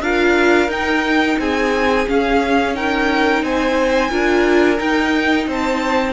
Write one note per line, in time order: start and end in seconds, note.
0.00 0.68 D4
0.00 0.69 F4
0.00 1.39 A#4
0.00 0.70 F5
0.68 1.36 D#4
0.68 2.06 D#4
0.68 1.39 G5
1.38 2.06 C4
1.38 2.76 G#4
1.38 2.08 G#5
2.07 2.74 C#4
2.07 3.42 C#4
2.07 2.75 F5
2.74 4.10 D#4
2.74 3.44 A#4
2.74 3.43 G5
3.42 4.10 C4
3.42 4.10 C5
3.42 4.78 G#5
4.10 4.79 D4
4.10 4.77 F4
4.10 5.47 A#4
4.77 6.13 D#4
4.77 5.47 D#4
4.77 5.46 G5
5.47 6.13 C4
5.47 6.13 C5
5.47 6.13 A5